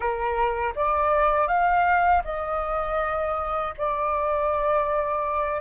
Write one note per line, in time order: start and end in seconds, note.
0.00 0.73 A#4
0.75 1.47 D5
1.47 2.22 F5
2.24 3.74 D#5
3.77 5.61 D5